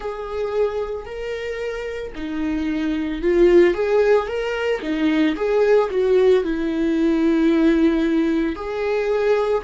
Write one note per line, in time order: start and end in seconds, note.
0.00 1.05 G#4
1.05 2.12 A#4
2.15 3.21 D#4
3.21 3.74 F4
3.74 4.27 G#4
4.27 4.80 A#4
4.82 5.35 D#4
5.36 5.89 G#4
5.90 6.43 F#4
6.43 8.55 E4
8.55 9.62 G#4